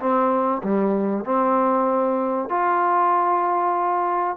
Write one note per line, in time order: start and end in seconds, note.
0.00 0.62 C4
0.63 1.25 G3
1.25 2.50 C4
2.50 4.37 F4